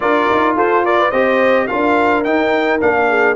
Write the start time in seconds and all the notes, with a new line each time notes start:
0.00 D4 F4 A#4 D5
0.31 D#4
0.55 F4 A4 C5
0.84 A#4 D5
0.98 B4
1.10 C4 G4 C5 D#5
1.67 D4 F4 A#4 F5
2.24 D#4 G5
2.80 A#3 D4 F5
3.08 G#4